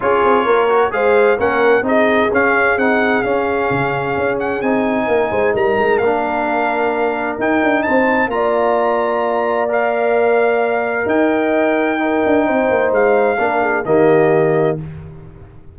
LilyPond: <<
  \new Staff \with { instrumentName = "trumpet" } { \time 4/4 \tempo 4 = 130 cis''2 f''4 fis''4 | dis''4 f''4 fis''4 f''4~ | f''4. fis''8 gis''2 | ais''4 f''2. |
g''4 a''4 ais''2~ | ais''4 f''2. | g''1 | f''2 dis''2 | }
  \new Staff \with { instrumentName = "horn" } { \time 4/4 gis'4 ais'4 c''4 ais'4 | gis'1~ | gis'2. ais'8 c''8 | ais'1~ |
ais'4 c''4 d''2~ | d''1 | dis''2 ais'4 c''4~ | c''4 ais'8 gis'8 g'2 | }
  \new Staff \with { instrumentName = "trombone" } { \time 4/4 f'4. fis'8 gis'4 cis'4 | dis'4 cis'4 dis'4 cis'4~ | cis'2 dis'2~ | dis'4 d'2. |
dis'2 f'2~ | f'4 ais'2.~ | ais'2 dis'2~ | dis'4 d'4 ais2 | }
  \new Staff \with { instrumentName = "tuba" } { \time 4/4 cis'8 c'8 ais4 gis4 ais4 | c'4 cis'4 c'4 cis'4 | cis4 cis'4 c'4 ais8 gis8 | g8 gis8 ais2. |
dis'8 d'8 c'4 ais2~ | ais1 | dis'2~ dis'8 d'8 c'8 ais8 | gis4 ais4 dis2 | }
>>